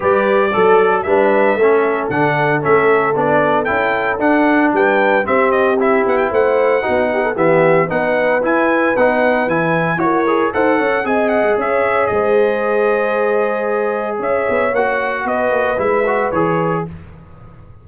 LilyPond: <<
  \new Staff \with { instrumentName = "trumpet" } { \time 4/4 \tempo 4 = 114 d''2 e''2 | fis''4 e''4 d''4 g''4 | fis''4 g''4 e''8 dis''8 e''8 fis''16 g''16 | fis''2 e''4 fis''4 |
gis''4 fis''4 gis''4 cis''4 | fis''4 gis''8 fis''8 e''4 dis''4~ | dis''2. e''4 | fis''4 dis''4 e''4 cis''4 | }
  \new Staff \with { instrumentName = "horn" } { \time 4/4 b'4 a'4 b'4 a'4~ | a'1~ | a'4 b'4 g'2 | c''4 fis'8 g'16 a'16 g'4 b'4~ |
b'2. ais'4 | c''8 cis''8 dis''4 cis''4 c''4~ | c''2. cis''4~ | cis''4 b'2. | }
  \new Staff \with { instrumentName = "trombone" } { \time 4/4 g'4 a'4 d'4 cis'4 | d'4 cis'4 d'4 e'4 | d'2 c'4 e'4~ | e'4 dis'4 b4 dis'4 |
e'4 dis'4 e'4 fis'8 gis'8 | a'4 gis'2.~ | gis'1 | fis'2 e'8 fis'8 gis'4 | }
  \new Staff \with { instrumentName = "tuba" } { \time 4/4 g4 fis4 g4 a4 | d4 a4 b4 cis'4 | d'4 g4 c'4. b8 | a4 b4 e4 b4 |
e'4 b4 e4 e'4 | dis'8 cis'8 c'8. gis16 cis'4 gis4~ | gis2. cis'8 b8 | ais4 b8 ais8 gis4 e4 | }
>>